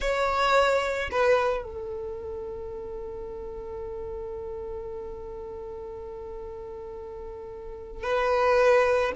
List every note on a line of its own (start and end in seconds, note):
0.00 1.09 C#5
1.11 1.63 B4
1.63 8.03 A4
8.03 9.12 B4